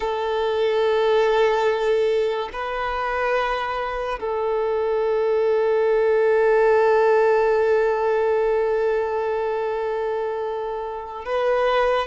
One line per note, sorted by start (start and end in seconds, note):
0.00 2.49 A4
2.52 4.19 B4
4.19 11.25 A4
11.25 12.07 B4